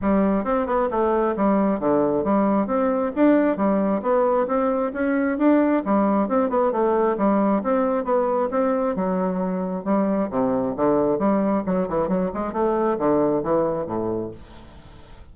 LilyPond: \new Staff \with { instrumentName = "bassoon" } { \time 4/4 \tempo 4 = 134 g4 c'8 b8 a4 g4 | d4 g4 c'4 d'4 | g4 b4 c'4 cis'4 | d'4 g4 c'8 b8 a4 |
g4 c'4 b4 c'4 | fis2 g4 c4 | d4 g4 fis8 e8 fis8 gis8 | a4 d4 e4 a,4 | }